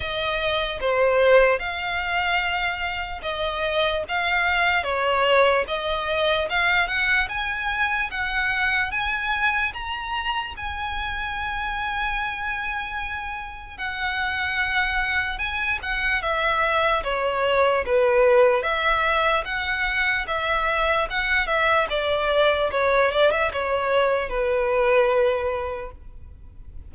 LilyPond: \new Staff \with { instrumentName = "violin" } { \time 4/4 \tempo 4 = 74 dis''4 c''4 f''2 | dis''4 f''4 cis''4 dis''4 | f''8 fis''8 gis''4 fis''4 gis''4 | ais''4 gis''2.~ |
gis''4 fis''2 gis''8 fis''8 | e''4 cis''4 b'4 e''4 | fis''4 e''4 fis''8 e''8 d''4 | cis''8 d''16 e''16 cis''4 b'2 | }